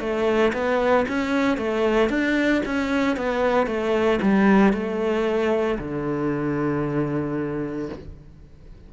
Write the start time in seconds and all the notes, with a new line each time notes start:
0.00 A3
0.53 B3
1.09 C#4
1.57 A3
2.10 D4
2.66 C#4
3.17 B3
3.67 A3
4.22 G3
4.73 A3
5.79 D3